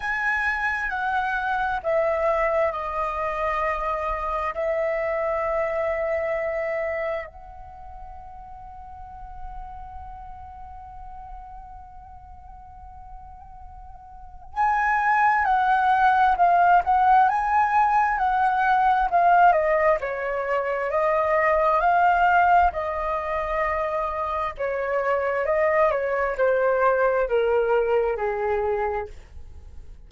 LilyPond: \new Staff \with { instrumentName = "flute" } { \time 4/4 \tempo 4 = 66 gis''4 fis''4 e''4 dis''4~ | dis''4 e''2. | fis''1~ | fis''1 |
gis''4 fis''4 f''8 fis''8 gis''4 | fis''4 f''8 dis''8 cis''4 dis''4 | f''4 dis''2 cis''4 | dis''8 cis''8 c''4 ais'4 gis'4 | }